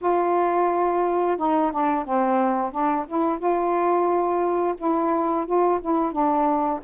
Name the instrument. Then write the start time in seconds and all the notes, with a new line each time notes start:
saxophone
0.01 F4
1.37 D#4
1.71 D4
2.04 C4
2.71 D4
3.07 E4
3.38 F4
4.77 E4
5.45 F4
5.81 E4
6.11 D4